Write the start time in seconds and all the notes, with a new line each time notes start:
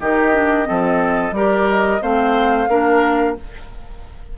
0.00 D#3 D#4 G4 D#5
0.33 D4
0.64 F3 C4 A4
1.31 G3 G4 A#4 D5
1.70 D#5
2.01 A3 C4 C5 F5
2.68 A#3 D4 A#4